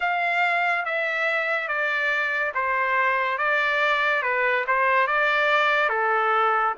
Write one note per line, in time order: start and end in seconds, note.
0.00 0.85 F5
0.85 1.67 E5
1.67 2.52 D5
2.54 3.38 C5
3.38 4.22 D5
4.22 4.64 B4
4.67 5.07 C5
5.07 5.89 D5
5.89 6.73 A4